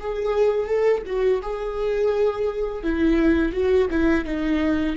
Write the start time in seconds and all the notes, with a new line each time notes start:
0.00 G#4
0.67 A4
1.06 F#4
1.42 G#4
2.83 E4
3.52 F#4
3.91 E4
4.25 D#4